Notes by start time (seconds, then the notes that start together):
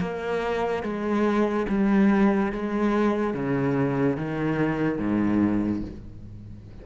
0.00 A#3
0.83 G#3
1.69 G3
2.52 G#3
3.34 C#3
4.16 D#3
4.98 G#2